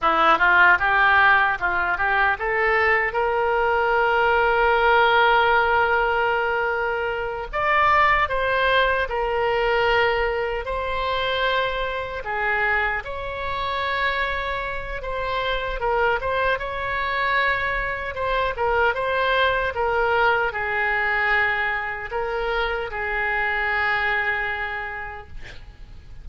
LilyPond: \new Staff \with { instrumentName = "oboe" } { \time 4/4 \tempo 4 = 76 e'8 f'8 g'4 f'8 g'8 a'4 | ais'1~ | ais'4. d''4 c''4 ais'8~ | ais'4. c''2 gis'8~ |
gis'8 cis''2~ cis''8 c''4 | ais'8 c''8 cis''2 c''8 ais'8 | c''4 ais'4 gis'2 | ais'4 gis'2. | }